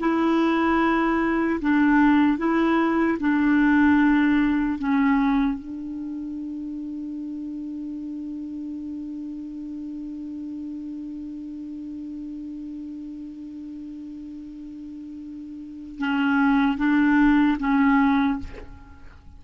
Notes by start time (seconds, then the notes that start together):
0.00 E4
1.61 D4
2.38 E4
3.20 D4
4.79 C#4
5.59 D4
15.99 C#4
16.78 D4
17.59 C#4